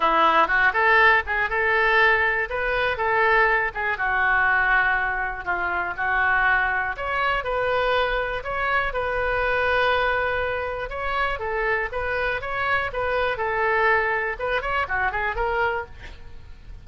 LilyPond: \new Staff \with { instrumentName = "oboe" } { \time 4/4 \tempo 4 = 121 e'4 fis'8 a'4 gis'8 a'4~ | a'4 b'4 a'4. gis'8 | fis'2. f'4 | fis'2 cis''4 b'4~ |
b'4 cis''4 b'2~ | b'2 cis''4 a'4 | b'4 cis''4 b'4 a'4~ | a'4 b'8 cis''8 fis'8 gis'8 ais'4 | }